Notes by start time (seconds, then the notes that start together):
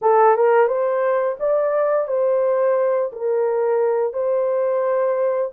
0.01 A4
0.36 A#4
0.67 C5
1.39 D5
2.07 C5
3.12 A#4
4.13 C5